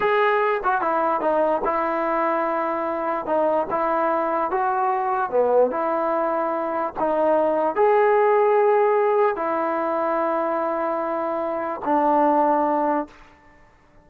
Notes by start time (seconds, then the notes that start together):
0.00 G#4
0.63 F#4
0.81 E4
1.21 D#4
1.64 E4
3.26 D#4
3.70 E4
4.50 F#4
5.30 B3
5.71 E4
6.99 D#4
7.75 G#4
9.35 E4
11.84 D4